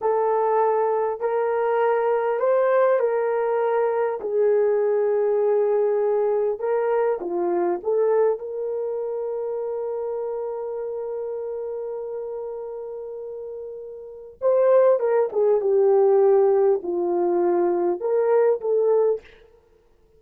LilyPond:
\new Staff \with { instrumentName = "horn" } { \time 4/4 \tempo 4 = 100 a'2 ais'2 | c''4 ais'2 gis'4~ | gis'2. ais'4 | f'4 a'4 ais'2~ |
ais'1~ | ais'1 | c''4 ais'8 gis'8 g'2 | f'2 ais'4 a'4 | }